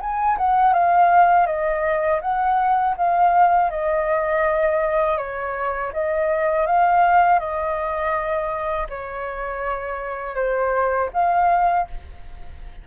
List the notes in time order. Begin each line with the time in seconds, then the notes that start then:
0.00 G#5
0.37 F#5
0.73 F5
1.46 D#5
2.21 F#5
2.96 F5
3.70 D#5
5.18 C#5
5.93 D#5
6.66 F5
7.39 D#5
8.89 C#5
10.35 C5
11.13 F5